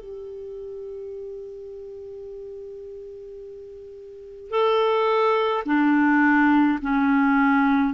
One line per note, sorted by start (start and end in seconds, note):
0.00 4.50 G4
4.50 5.63 A4
5.66 6.79 D4
6.82 7.93 C#4